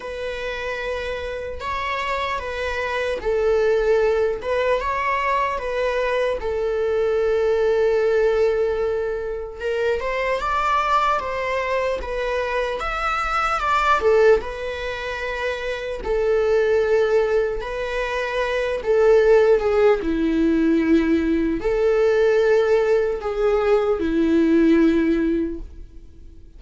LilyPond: \new Staff \with { instrumentName = "viola" } { \time 4/4 \tempo 4 = 75 b'2 cis''4 b'4 | a'4. b'8 cis''4 b'4 | a'1 | ais'8 c''8 d''4 c''4 b'4 |
e''4 d''8 a'8 b'2 | a'2 b'4. a'8~ | a'8 gis'8 e'2 a'4~ | a'4 gis'4 e'2 | }